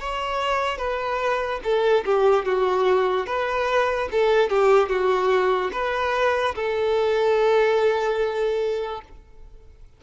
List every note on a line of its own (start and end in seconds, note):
0.00 0.77 C#5
0.77 1.60 B4
1.63 2.04 A4
2.05 2.45 G4
2.45 3.26 F#4
3.26 4.08 B4
4.11 4.49 A4
4.49 4.88 G4
4.88 5.70 F#4
5.72 6.55 B4
6.55 9.01 A4